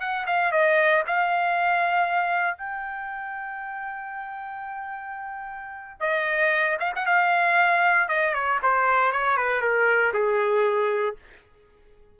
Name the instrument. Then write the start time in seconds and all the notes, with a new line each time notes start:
trumpet
0.00 F#5
0.27 F5
0.52 D#5
1.07 F5
2.58 G5
6.00 D#5
6.80 F5
6.96 F#5
7.06 F5
8.09 D#5
8.34 C#5
8.62 C5
9.12 C#5
9.37 B4
9.61 A#4
10.13 G#4